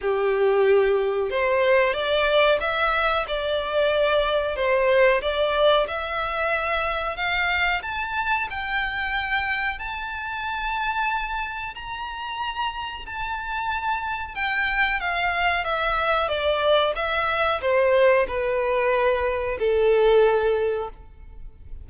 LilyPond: \new Staff \with { instrumentName = "violin" } { \time 4/4 \tempo 4 = 92 g'2 c''4 d''4 | e''4 d''2 c''4 | d''4 e''2 f''4 | a''4 g''2 a''4~ |
a''2 ais''2 | a''2 g''4 f''4 | e''4 d''4 e''4 c''4 | b'2 a'2 | }